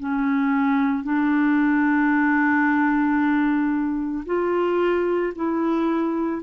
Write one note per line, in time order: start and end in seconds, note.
0.00 1.04 C#4
1.04 4.25 D4
4.27 5.34 F4
5.36 6.43 E4